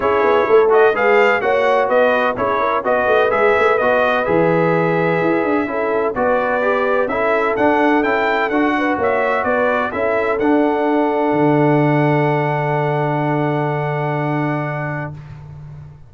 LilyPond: <<
  \new Staff \with { instrumentName = "trumpet" } { \time 4/4 \tempo 4 = 127 cis''4. dis''8 f''4 fis''4 | dis''4 cis''4 dis''4 e''4 | dis''4 e''2.~ | e''4 d''2 e''4 |
fis''4 g''4 fis''4 e''4 | d''4 e''4 fis''2~ | fis''1~ | fis''1 | }
  \new Staff \with { instrumentName = "horn" } { \time 4/4 gis'4 a'4 b'4 cis''4 | b'4 gis'8 ais'8 b'2~ | b'1 | a'4 b'2 a'4~ |
a'2~ a'8 b'8 cis''4 | b'4 a'2.~ | a'1~ | a'1 | }
  \new Staff \with { instrumentName = "trombone" } { \time 4/4 e'4. fis'8 gis'4 fis'4~ | fis'4 e'4 fis'4 gis'4 | fis'4 gis'2. | e'4 fis'4 g'4 e'4 |
d'4 e'4 fis'2~ | fis'4 e'4 d'2~ | d'1~ | d'1 | }
  \new Staff \with { instrumentName = "tuba" } { \time 4/4 cis'8 b8 a4 gis4 ais4 | b4 cis'4 b8 a8 gis8 a8 | b4 e2 e'8 d'8 | cis'4 b2 cis'4 |
d'4 cis'4 d'4 ais4 | b4 cis'4 d'2 | d1~ | d1 | }
>>